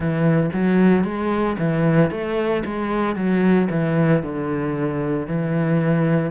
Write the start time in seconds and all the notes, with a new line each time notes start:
0.00 E3
0.53 F#3
1.04 G#3
1.58 E3
2.11 A3
2.65 G#3
3.15 F#3
3.70 E3
4.22 D3
5.27 E3